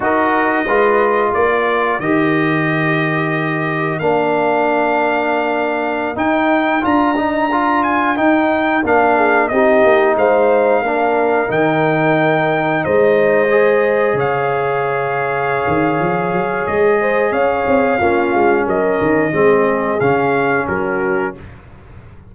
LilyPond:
<<
  \new Staff \with { instrumentName = "trumpet" } { \time 4/4 \tempo 4 = 90 dis''2 d''4 dis''4~ | dis''2 f''2~ | f''4~ f''16 g''4 ais''4. gis''16~ | gis''16 g''4 f''4 dis''4 f''8.~ |
f''4~ f''16 g''2 dis''8.~ | dis''4~ dis''16 f''2~ f''8.~ | f''4 dis''4 f''2 | dis''2 f''4 ais'4 | }
  \new Staff \with { instrumentName = "horn" } { \time 4/4 ais'4 b'4 ais'2~ | ais'1~ | ais'1~ | ais'4.~ ais'16 gis'8 g'4 c''8.~ |
c''16 ais'2. c''8.~ | c''4~ c''16 cis''2~ cis''8.~ | cis''4. c''8 cis''4 f'4 | ais'4 gis'2 fis'4 | }
  \new Staff \with { instrumentName = "trombone" } { \time 4/4 fis'4 f'2 g'4~ | g'2 d'2~ | d'4~ d'16 dis'4 f'8 dis'8 f'8.~ | f'16 dis'4 d'4 dis'4.~ dis'16~ |
dis'16 d'4 dis'2~ dis'8.~ | dis'16 gis'2.~ gis'8.~ | gis'2. cis'4~ | cis'4 c'4 cis'2 | }
  \new Staff \with { instrumentName = "tuba" } { \time 4/4 dis'4 gis4 ais4 dis4~ | dis2 ais2~ | ais4~ ais16 dis'4 d'4.~ d'16~ | d'16 dis'4 ais4 c'8 ais8 gis8.~ |
gis16 ais4 dis2 gis8.~ | gis4~ gis16 cis2~ cis16 dis8 | f8 fis8 gis4 cis'8 c'8 ais8 gis8 | fis8 dis8 gis4 cis4 fis4 | }
>>